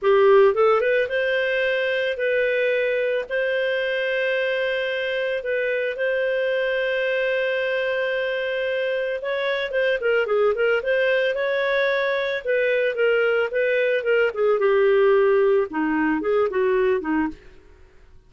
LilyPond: \new Staff \with { instrumentName = "clarinet" } { \time 4/4 \tempo 4 = 111 g'4 a'8 b'8 c''2 | b'2 c''2~ | c''2 b'4 c''4~ | c''1~ |
c''4 cis''4 c''8 ais'8 gis'8 ais'8 | c''4 cis''2 b'4 | ais'4 b'4 ais'8 gis'8 g'4~ | g'4 dis'4 gis'8 fis'4 dis'8 | }